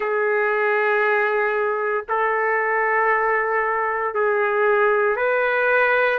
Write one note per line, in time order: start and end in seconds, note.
0.00 2.05 G#4
2.08 4.14 A4
4.14 5.16 G#4
5.16 6.18 B4